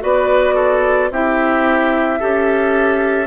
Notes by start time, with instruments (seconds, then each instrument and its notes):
0.00 bassoon B3, clarinet F#4, oboe B4, flute D5
0.54 oboe A4
1.10 bassoon C4, clarinet E4, oboe G4, flute E5
2.19 bassoon C#4, clarinet G4, oboe A4